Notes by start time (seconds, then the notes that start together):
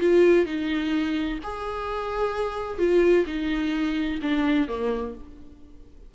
0.00 F4
0.46 D#4
1.43 G#4
2.78 F4
3.26 D#4
4.22 D4
4.68 A#3